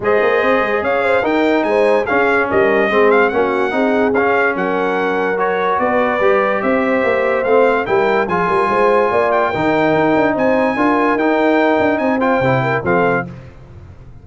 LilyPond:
<<
  \new Staff \with { instrumentName = "trumpet" } { \time 4/4 \tempo 4 = 145 dis''2 f''4 g''4 | gis''4 f''4 dis''4. f''8 | fis''2 f''4 fis''4~ | fis''4 cis''4 d''2 |
e''2 f''4 g''4 | gis''2~ gis''8 g''4.~ | g''4 gis''2 g''4~ | g''4 gis''8 g''4. f''4 | }
  \new Staff \with { instrumentName = "horn" } { \time 4/4 c''2 cis''8 c''8 ais'4 | c''4 gis'4 ais'4 gis'4 | fis'4 gis'2 ais'4~ | ais'2 b'2 |
c''2. ais'4 | gis'8 ais'8 c''4 d''4 ais'4~ | ais'4 c''4 ais'2~ | ais'4 c''4. ais'8 a'4 | }
  \new Staff \with { instrumentName = "trombone" } { \time 4/4 gis'2. dis'4~ | dis'4 cis'2 c'4 | cis'4 dis'4 cis'2~ | cis'4 fis'2 g'4~ |
g'2 c'4 e'4 | f'2. dis'4~ | dis'2 f'4 dis'4~ | dis'4. f'8 e'4 c'4 | }
  \new Staff \with { instrumentName = "tuba" } { \time 4/4 gis8 ais8 c'8 gis8 cis'4 dis'4 | gis4 cis'4 g4 gis4 | ais4 c'4 cis'4 fis4~ | fis2 b4 g4 |
c'4 ais4 a4 g4 | f8 g8 gis4 ais4 dis4 | dis'8 d'8 c'4 d'4 dis'4~ | dis'8 d'8 c'4 c4 f4 | }
>>